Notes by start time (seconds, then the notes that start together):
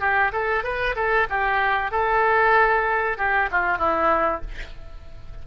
0.00 G4
0.33 A4
0.64 B4
0.96 A4
1.30 G4
1.91 A4
3.18 G4
3.51 F4
3.78 E4